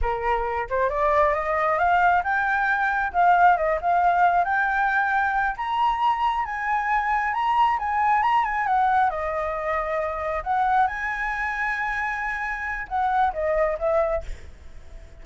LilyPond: \new Staff \with { instrumentName = "flute" } { \time 4/4 \tempo 4 = 135 ais'4. c''8 d''4 dis''4 | f''4 g''2 f''4 | dis''8 f''4. g''2~ | g''8 ais''2 gis''4.~ |
gis''8 ais''4 gis''4 ais''8 gis''8 fis''8~ | fis''8 dis''2. fis''8~ | fis''8 gis''2.~ gis''8~ | gis''4 fis''4 dis''4 e''4 | }